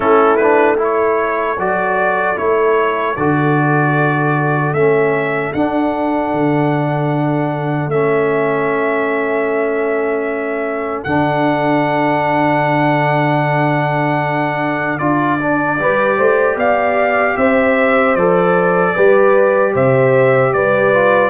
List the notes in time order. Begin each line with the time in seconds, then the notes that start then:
0.00 A3 C#4 E4 A4
0.36 B4
0.42 D4
0.77 E4 A4
0.83 C#5
1.57 F#3 F#4 D5
2.36 A3 E4 C#5
3.16 D3 F#4 D5
4.72 A3 C#4 E5
5.53 D4 F#5
6.32 D3
7.87 A3 C#4 E5
11.03 D3 D4 F#5
14.98 D4 F4 D5
15.39 D4
15.80 G3 G4 B4
16.17 A3 C5
16.55 B3 D5 F5
17.36 C4 C5 E5
18.15 F3 A4 D5
18.94 G3 G4 B4
19.73 C3 C5 E5
20.53 G3 B4 D5
20.93 F4